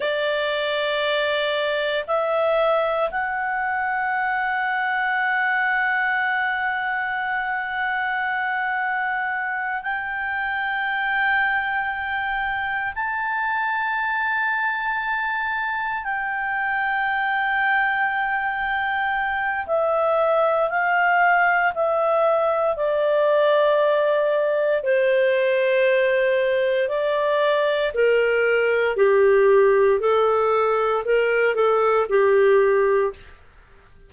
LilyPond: \new Staff \with { instrumentName = "clarinet" } { \time 4/4 \tempo 4 = 58 d''2 e''4 fis''4~ | fis''1~ | fis''4. g''2~ g''8~ | g''8 a''2. g''8~ |
g''2. e''4 | f''4 e''4 d''2 | c''2 d''4 ais'4 | g'4 a'4 ais'8 a'8 g'4 | }